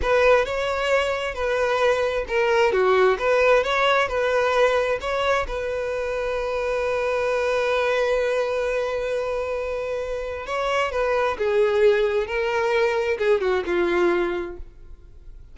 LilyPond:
\new Staff \with { instrumentName = "violin" } { \time 4/4 \tempo 4 = 132 b'4 cis''2 b'4~ | b'4 ais'4 fis'4 b'4 | cis''4 b'2 cis''4 | b'1~ |
b'1~ | b'2. cis''4 | b'4 gis'2 ais'4~ | ais'4 gis'8 fis'8 f'2 | }